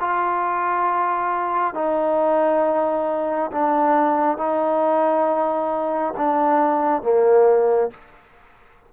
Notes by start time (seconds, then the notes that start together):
0.00 F4
1.74 D#4
3.51 D4
4.38 D#4
6.17 D4
7.02 A#3